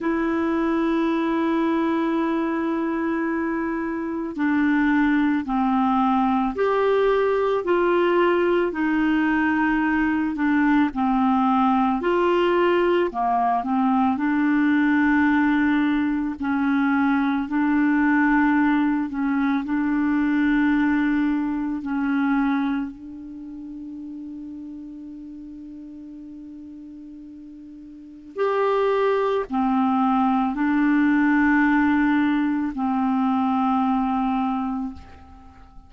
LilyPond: \new Staff \with { instrumentName = "clarinet" } { \time 4/4 \tempo 4 = 55 e'1 | d'4 c'4 g'4 f'4 | dis'4. d'8 c'4 f'4 | ais8 c'8 d'2 cis'4 |
d'4. cis'8 d'2 | cis'4 d'2.~ | d'2 g'4 c'4 | d'2 c'2 | }